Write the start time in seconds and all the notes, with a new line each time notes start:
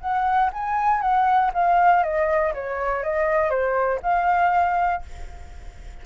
0.00 F#5
0.53 G#5
1.01 F#5
1.54 F5
2.03 D#5
2.54 C#5
3.03 D#5
3.50 C5
4.02 F5